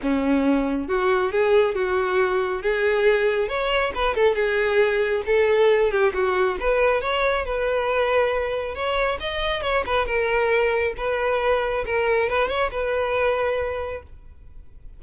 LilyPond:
\new Staff \with { instrumentName = "violin" } { \time 4/4 \tempo 4 = 137 cis'2 fis'4 gis'4 | fis'2 gis'2 | cis''4 b'8 a'8 gis'2 | a'4. g'8 fis'4 b'4 |
cis''4 b'2. | cis''4 dis''4 cis''8 b'8 ais'4~ | ais'4 b'2 ais'4 | b'8 cis''8 b'2. | }